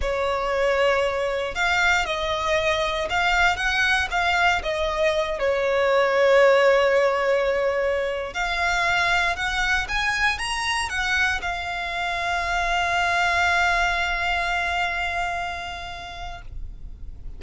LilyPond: \new Staff \with { instrumentName = "violin" } { \time 4/4 \tempo 4 = 117 cis''2. f''4 | dis''2 f''4 fis''4 | f''4 dis''4. cis''4.~ | cis''1~ |
cis''16 f''2 fis''4 gis''8.~ | gis''16 ais''4 fis''4 f''4.~ f''16~ | f''1~ | f''1 | }